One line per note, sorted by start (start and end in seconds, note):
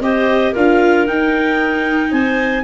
0.00 0.53 C4
0.00 0.54 G4
0.00 0.52 C5
0.00 0.54 D#5
0.52 1.08 D4
0.52 1.06 F4
0.52 2.10 A#4
0.52 1.07 F5
1.06 2.64 D#4
1.06 2.12 D#4
1.06 2.12 G5
2.11 2.64 C4
2.11 2.63 C5
2.11 2.64 G#5